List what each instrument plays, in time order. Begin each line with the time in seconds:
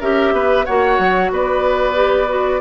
0.00 bassoon C#4, clarinet G4, oboe A#4, flute E5
0.33 bassoon B3, oboe B4
0.65 bassoon A#3, clarinet F#4, oboe C#5, flute F#5
0.99 bassoon F#3
1.31 bassoon B3, oboe B4, flute D5
1.94 clarinet G4
2.28 clarinet F#4